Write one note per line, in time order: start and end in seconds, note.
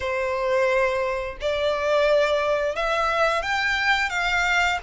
0.00 1.37 C5
1.40 2.75 D5
2.75 3.42 E5
3.42 4.09 G5
4.09 4.78 F5